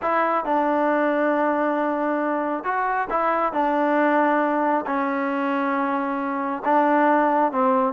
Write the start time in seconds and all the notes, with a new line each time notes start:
0.02 E4
0.45 D4
2.64 F#4
3.10 E4
3.52 D4
4.86 C#4
6.64 D4
7.52 C4